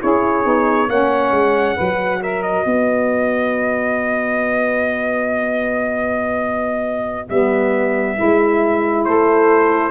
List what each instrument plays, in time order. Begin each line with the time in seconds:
0.00 tuba C#4, saxophone E4 G#4, trumpet C#5
0.44 tuba B3, saxophone D#4
0.88 tuba A#3, saxophone C#4 C#5, trumpet F#5
1.31 tuba G#3
1.75 tuba F#3, saxophone F#4 B4
2.22 saxophone A#4, trumpet E5
2.43 trumpet D#5
2.65 tuba B3, saxophone B4
7.28 tuba G3, saxophone B3, trumpet E5
8.16 tuba G#3, saxophone E4
9.05 tuba A3, saxophone A4, trumpet C5